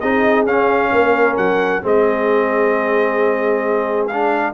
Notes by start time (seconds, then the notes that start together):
0.00 C4 D#4 G#4 D#5
0.46 C#4 F5
0.92 A#3 A#4
1.37 F#3 F#5
1.82 G#3 C4 G#4 D#5
4.07 D4 F5